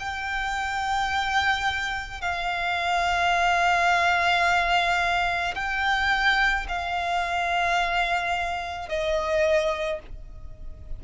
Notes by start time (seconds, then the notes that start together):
0.00 G5
2.22 F5
5.56 G5
6.69 F5
8.89 D#5